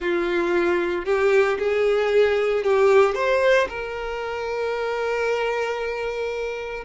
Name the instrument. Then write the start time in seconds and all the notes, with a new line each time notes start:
violin
0.00 F4
1.05 G4
1.58 G#4
2.63 G4
3.15 C5
3.68 A#4